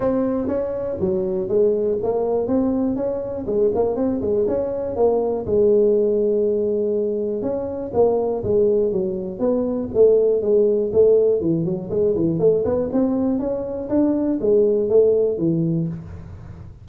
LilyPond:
\new Staff \with { instrumentName = "tuba" } { \time 4/4 \tempo 4 = 121 c'4 cis'4 fis4 gis4 | ais4 c'4 cis'4 gis8 ais8 | c'8 gis8 cis'4 ais4 gis4~ | gis2. cis'4 |
ais4 gis4 fis4 b4 | a4 gis4 a4 e8 fis8 | gis8 e8 a8 b8 c'4 cis'4 | d'4 gis4 a4 e4 | }